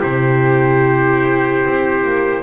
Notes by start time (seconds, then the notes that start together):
0.00 C3 E4 G4 C5
1.65 C4
2.04 A#3